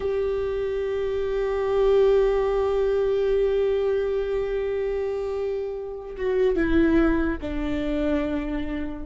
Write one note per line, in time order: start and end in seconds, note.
0.00 6.16 G4
6.16 6.55 F#4
6.55 7.37 E4
7.41 9.05 D4